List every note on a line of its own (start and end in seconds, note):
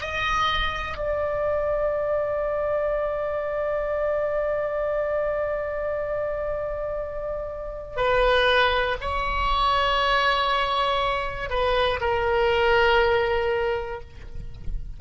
0.00 0.97 D#5
0.97 7.96 D5
7.96 8.96 B4
9.00 11.49 C#5
11.49 11.99 B4
12.00 14.00 A#4